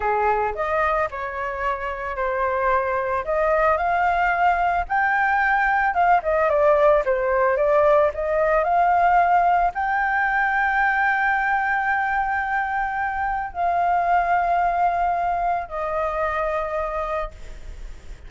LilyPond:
\new Staff \with { instrumentName = "flute" } { \time 4/4 \tempo 4 = 111 gis'4 dis''4 cis''2 | c''2 dis''4 f''4~ | f''4 g''2 f''8 dis''8 | d''4 c''4 d''4 dis''4 |
f''2 g''2~ | g''1~ | g''4 f''2.~ | f''4 dis''2. | }